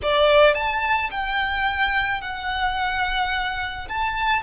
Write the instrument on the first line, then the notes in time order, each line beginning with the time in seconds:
violin
0.02 D5
0.54 A5
1.11 G5
2.21 F#5
3.88 A5